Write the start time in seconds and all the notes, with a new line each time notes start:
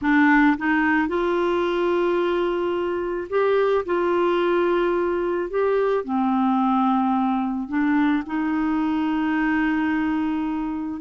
0.02 D4
0.57 D#4
1.08 F4
3.29 G4
3.85 F4
5.50 G4
6.04 C4
7.68 D4
8.26 D#4